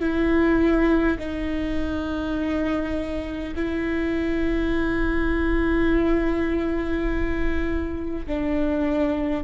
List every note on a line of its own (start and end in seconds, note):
0.00 1.18 E4
1.19 3.54 D#4
3.55 8.26 E4
8.27 9.44 D4